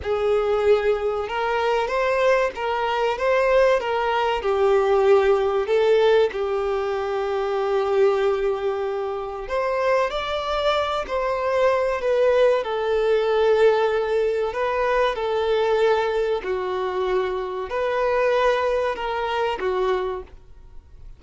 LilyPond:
\new Staff \with { instrumentName = "violin" } { \time 4/4 \tempo 4 = 95 gis'2 ais'4 c''4 | ais'4 c''4 ais'4 g'4~ | g'4 a'4 g'2~ | g'2. c''4 |
d''4. c''4. b'4 | a'2. b'4 | a'2 fis'2 | b'2 ais'4 fis'4 | }